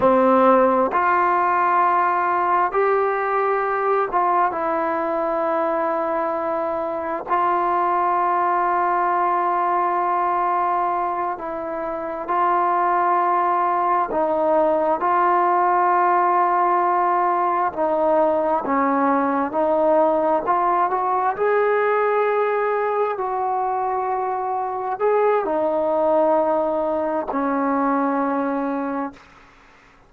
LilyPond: \new Staff \with { instrumentName = "trombone" } { \time 4/4 \tempo 4 = 66 c'4 f'2 g'4~ | g'8 f'8 e'2. | f'1~ | f'8 e'4 f'2 dis'8~ |
dis'8 f'2. dis'8~ | dis'8 cis'4 dis'4 f'8 fis'8 gis'8~ | gis'4. fis'2 gis'8 | dis'2 cis'2 | }